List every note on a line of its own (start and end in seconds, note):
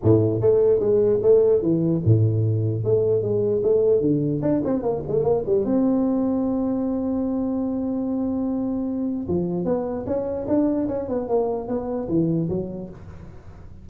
0.03 0.40 A2
0.40 0.79 A3
0.79 1.20 G#3
1.22 1.61 A3
1.61 2.02 E3
2.04 2.84 A2
2.84 3.21 A3
3.21 3.62 G#3
3.63 4.01 A3
4.01 4.41 D3
4.41 4.62 D4
4.64 4.82 C4
4.82 5.02 A#3
5.07 5.23 A3
5.23 5.44 A#3
5.45 5.64 G3
5.64 9.27 C4
9.27 9.64 F3
9.64 10.05 B3
10.06 10.46 C#4
10.47 10.88 D4
10.88 11.08 C#4
11.08 11.28 B3
11.28 11.68 A#3
11.68 12.08 B3
12.08 12.48 E3
12.49 12.89 F#3